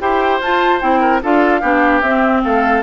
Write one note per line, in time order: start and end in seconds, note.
0.00 0.40 E4
0.00 0.41 G4
0.00 1.01 C5
0.00 0.41 G5
0.40 0.80 F4
0.40 0.81 A5
0.80 1.22 C4
0.80 1.21 E4
0.80 1.21 G5
1.01 1.21 A#4
1.22 1.62 D4
1.22 1.62 F4
1.22 1.61 A4
1.22 2.01 F5
1.61 2.02 B3
1.61 2.03 D4
1.61 2.42 G4
2.01 2.42 C4
2.01 2.83 C4
2.01 2.41 E5
2.43 2.83 A3
2.43 2.83 A4
2.43 2.83 F5